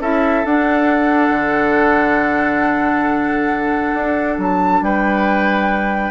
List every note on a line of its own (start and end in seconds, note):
0.00 0.44 C#4
0.00 0.45 E4
0.00 4.82 A4
0.00 0.45 E5
0.44 1.29 D4
0.44 6.11 D4
0.44 4.40 F#5
1.29 3.92 D3
3.93 4.37 D4
4.38 4.81 F#3
4.38 4.83 A5
4.81 6.11 G3
4.81 6.11 B4
4.81 6.11 G5